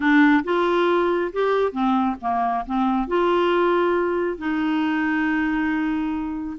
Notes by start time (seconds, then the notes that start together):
0.00 D4
0.44 F4
1.33 G4
1.71 C4
2.21 A#3
2.66 C4
3.07 F4
4.38 D#4